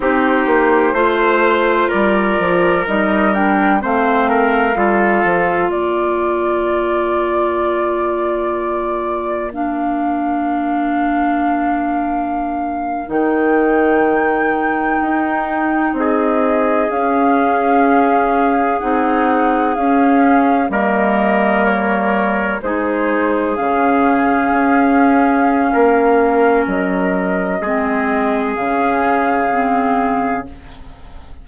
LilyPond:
<<
  \new Staff \with { instrumentName = "flute" } { \time 4/4 \tempo 4 = 63 c''2 d''4 dis''8 g''8 | f''2 d''2~ | d''2 f''2~ | f''4.~ f''16 g''2~ g''16~ |
g''8. dis''4 f''2 fis''16~ | fis''8. f''4 dis''4 cis''4 c''16~ | c''8. f''2.~ f''16 | dis''2 f''2 | }
  \new Staff \with { instrumentName = "trumpet" } { \time 4/4 g'4 c''4 ais'2 | c''8 ais'8 a'4 ais'2~ | ais'1~ | ais'1~ |
ais'8. gis'2.~ gis'16~ | gis'4.~ gis'16 ais'2 gis'16~ | gis'2. ais'4~ | ais'4 gis'2. | }
  \new Staff \with { instrumentName = "clarinet" } { \time 4/4 dis'4 f'2 dis'8 d'8 | c'4 f'2.~ | f'2 d'2~ | d'4.~ d'16 dis'2~ dis'16~ |
dis'4.~ dis'16 cis'2 dis'16~ | dis'8. cis'4 ais2 dis'16~ | dis'8. cis'2.~ cis'16~ | cis'4 c'4 cis'4 c'4 | }
  \new Staff \with { instrumentName = "bassoon" } { \time 4/4 c'8 ais8 a4 g8 f8 g4 | a4 g8 f8 ais2~ | ais1~ | ais4.~ ais16 dis2 dis'16~ |
dis'8. c'4 cis'2 c'16~ | c'8. cis'4 g2 gis16~ | gis8. cis4 cis'4~ cis'16 ais4 | fis4 gis4 cis2 | }
>>